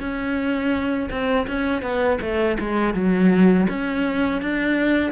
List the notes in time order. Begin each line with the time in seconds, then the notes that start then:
0.00 C#4
1.11 C4
1.48 C#4
1.83 B3
2.22 A3
2.60 G#3
2.95 F#3
3.69 C#4
4.42 D4